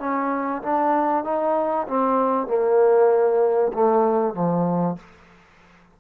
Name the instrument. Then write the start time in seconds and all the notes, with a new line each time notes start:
trombone
0.00 C#4
0.63 D4
1.25 D#4
1.88 C4
2.47 A#3
3.74 A3
4.35 F3